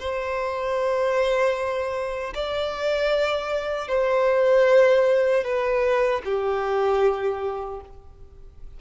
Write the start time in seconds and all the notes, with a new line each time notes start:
0.00 C5
2.35 D5
3.89 C5
5.44 B4
6.25 G4